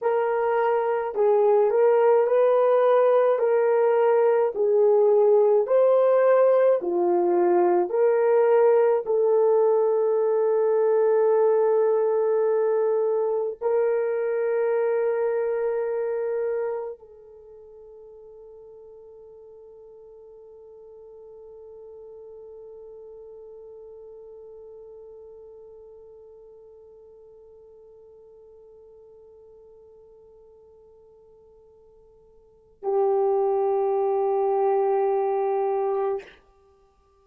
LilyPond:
\new Staff \with { instrumentName = "horn" } { \time 4/4 \tempo 4 = 53 ais'4 gis'8 ais'8 b'4 ais'4 | gis'4 c''4 f'4 ais'4 | a'1 | ais'2. a'4~ |
a'1~ | a'1~ | a'1~ | a'4 g'2. | }